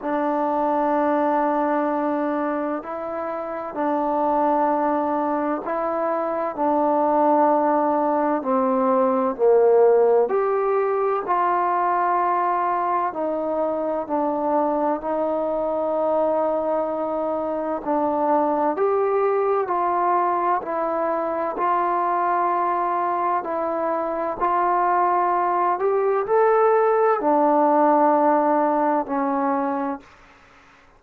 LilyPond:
\new Staff \with { instrumentName = "trombone" } { \time 4/4 \tempo 4 = 64 d'2. e'4 | d'2 e'4 d'4~ | d'4 c'4 ais4 g'4 | f'2 dis'4 d'4 |
dis'2. d'4 | g'4 f'4 e'4 f'4~ | f'4 e'4 f'4. g'8 | a'4 d'2 cis'4 | }